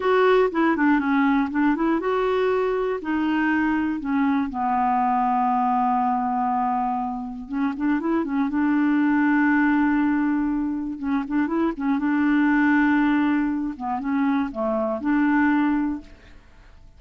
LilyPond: \new Staff \with { instrumentName = "clarinet" } { \time 4/4 \tempo 4 = 120 fis'4 e'8 d'8 cis'4 d'8 e'8 | fis'2 dis'2 | cis'4 b2.~ | b2. cis'8 d'8 |
e'8 cis'8 d'2.~ | d'2 cis'8 d'8 e'8 cis'8 | d'2.~ d'8 b8 | cis'4 a4 d'2 | }